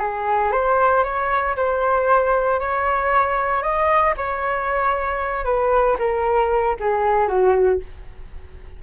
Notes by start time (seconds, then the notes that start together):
0.00 G#4
0.52 C5
1.04 C#5
1.57 C5
2.60 C#5
3.63 D#5
4.17 C#5
5.45 B4
5.99 A#4
6.80 G#4
7.28 F#4